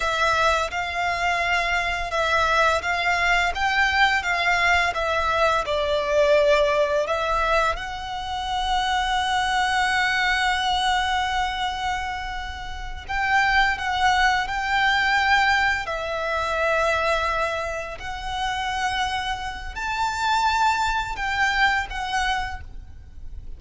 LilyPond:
\new Staff \with { instrumentName = "violin" } { \time 4/4 \tempo 4 = 85 e''4 f''2 e''4 | f''4 g''4 f''4 e''4 | d''2 e''4 fis''4~ | fis''1~ |
fis''2~ fis''8 g''4 fis''8~ | fis''8 g''2 e''4.~ | e''4. fis''2~ fis''8 | a''2 g''4 fis''4 | }